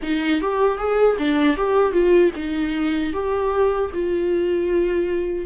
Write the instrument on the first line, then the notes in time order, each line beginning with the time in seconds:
viola
0.02 D#4
0.41 G4
0.78 G#4
1.18 D4
1.57 G4
1.92 F4
2.35 D#4
3.13 G4
3.93 F4